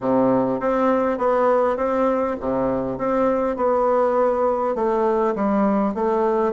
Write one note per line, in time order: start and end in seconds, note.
0.00 0.59 C3
0.59 1.17 C4
1.17 1.77 B3
1.77 2.36 C4
2.40 2.98 C3
2.98 3.56 C4
3.56 4.75 B3
4.75 5.34 A3
5.35 5.94 G3
5.94 6.53 A3